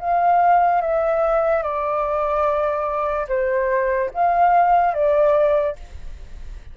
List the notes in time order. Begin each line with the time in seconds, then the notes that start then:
0.00 F5
0.81 E5
1.63 D5
3.28 C5
4.14 F5
4.94 D5